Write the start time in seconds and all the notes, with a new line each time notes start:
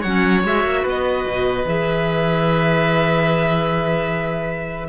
0.00 F#3 C#5 F#5
0.06 C#4
0.44 G#3 F#4 E5
0.64 A#3
0.82 B3 B4
0.89 D#5
1.26 B2
1.65 E3 G#4 E5